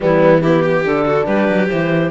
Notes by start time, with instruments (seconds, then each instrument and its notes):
0.00 cello E3, horn G3, violin B3, clarinet E4
0.41 horn B3, violin E4, clarinet G4
0.62 violin G4
0.84 cello D3, horn D4, clarinet A4
1.06 violin F#4
1.25 cello G3, violin G4, clarinet B4
1.48 cello F#3
1.68 cello E3, horn E4, clarinet C5